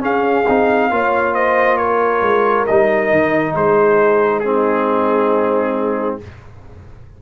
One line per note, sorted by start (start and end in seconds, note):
0.00 0.44 C#4
0.00 0.47 C#4
0.00 0.90 G#4
0.00 1.35 F5
0.49 0.91 C4
0.49 0.91 D#4
0.91 2.22 A#3
0.91 2.68 F4
0.91 1.34 C#5
1.34 1.78 C5
1.34 1.77 D#5
1.77 3.55 A#4
1.77 2.66 C#5
2.22 2.66 G#3
2.67 3.12 G3
2.67 4.44 D#4
2.67 3.55 D#5
3.12 3.55 D#3
3.55 6.19 G#3
3.55 4.46 G#4
3.55 4.40 C5
4.40 6.21 C4
4.40 6.16 G#4
4.46 6.22 D#4